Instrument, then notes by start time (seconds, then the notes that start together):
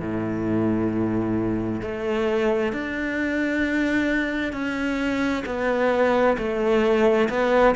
cello
0.00 A2
1.81 A3
2.72 D4
4.52 C#4
5.45 B3
6.37 A3
7.29 B3